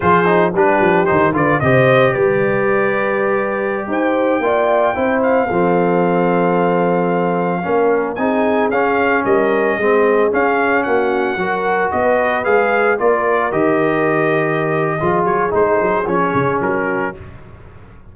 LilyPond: <<
  \new Staff \with { instrumentName = "trumpet" } { \time 4/4 \tempo 4 = 112 c''4 b'4 c''8 d''8 dis''4 | d''2.~ d''16 g''8.~ | g''4.~ g''16 f''2~ f''16~ | f''2.~ f''16 gis''8.~ |
gis''16 f''4 dis''2 f''8.~ | f''16 fis''2 dis''4 f''8.~ | f''16 d''4 dis''2~ dis''8.~ | dis''8 cis''8 c''4 cis''4 ais'4 | }
  \new Staff \with { instrumentName = "horn" } { \time 4/4 gis'4 g'4. b'8 c''4 | b'2.~ b'16 c''8.~ | c''16 d''4 c''4 a'4.~ a'16~ | a'2~ a'16 ais'4 gis'8.~ |
gis'4~ gis'16 ais'4 gis'4.~ gis'16~ | gis'16 fis'4 ais'4 b'4.~ b'16~ | b'16 ais'2.~ ais'8. | gis'2.~ gis'8 fis'8 | }
  \new Staff \with { instrumentName = "trombone" } { \time 4/4 f'8 dis'8 d'4 dis'8 f'8 g'4~ | g'1~ | g'16 f'4 e'4 c'4.~ c'16~ | c'2~ c'16 cis'4 dis'8.~ |
dis'16 cis'2 c'4 cis'8.~ | cis'4~ cis'16 fis'2 gis'8.~ | gis'16 f'4 g'2~ g'8. | f'4 dis'4 cis'2 | }
  \new Staff \with { instrumentName = "tuba" } { \time 4/4 f4 g8 f8 dis8 d8 c4 | g2.~ g16 dis'8.~ | dis'16 ais4 c'4 f4.~ f16~ | f2~ f16 ais4 c'8.~ |
c'16 cis'4 g4 gis4 cis'8.~ | cis'16 ais4 fis4 b4 gis8.~ | gis16 ais4 dis2~ dis8. | f8 fis8 gis8 fis8 f8 cis8 fis4 | }
>>